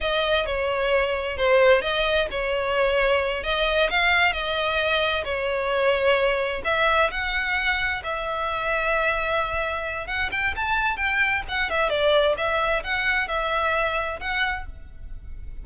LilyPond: \new Staff \with { instrumentName = "violin" } { \time 4/4 \tempo 4 = 131 dis''4 cis''2 c''4 | dis''4 cis''2~ cis''8 dis''8~ | dis''8 f''4 dis''2 cis''8~ | cis''2~ cis''8 e''4 fis''8~ |
fis''4. e''2~ e''8~ | e''2 fis''8 g''8 a''4 | g''4 fis''8 e''8 d''4 e''4 | fis''4 e''2 fis''4 | }